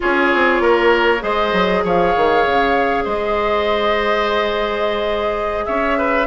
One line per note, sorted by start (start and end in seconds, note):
0.00 0.34 C#4
0.00 1.18 F4
0.00 0.62 G#4
0.00 1.22 C#5
0.34 0.60 C4
0.60 1.21 A#3
0.60 1.22 A#4
1.19 1.52 G#3
1.19 6.24 G#4
1.19 1.84 C5
1.19 1.84 D#5
1.52 1.83 F#3
1.84 2.14 F3
1.84 3.04 C#5
1.84 3.05 F5
2.16 2.46 D#3
2.46 3.05 C#3
3.04 5.66 G#3
3.04 5.64 C5
3.04 5.65 D#5
5.65 6.26 C#4
5.65 5.98 C#5
5.65 6.26 E5
5.98 6.26 B4